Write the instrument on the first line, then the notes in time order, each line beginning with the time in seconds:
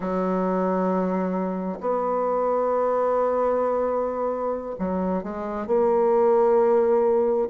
bassoon
0.00 F#3
1.80 B3
4.78 F#3
5.23 G#3
5.67 A#3